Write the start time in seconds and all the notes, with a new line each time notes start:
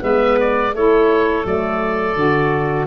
0.00 G#3 B3 B4 E5
0.40 D5
0.74 A3 E4 A4 C#5
1.44 F#3 A3 D5
2.16 D3 F#4